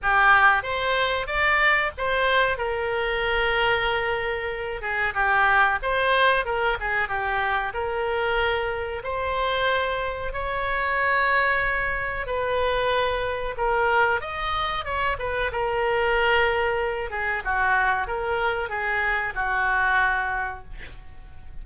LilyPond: \new Staff \with { instrumentName = "oboe" } { \time 4/4 \tempo 4 = 93 g'4 c''4 d''4 c''4 | ais'2.~ ais'8 gis'8 | g'4 c''4 ais'8 gis'8 g'4 | ais'2 c''2 |
cis''2. b'4~ | b'4 ais'4 dis''4 cis''8 b'8 | ais'2~ ais'8 gis'8 fis'4 | ais'4 gis'4 fis'2 | }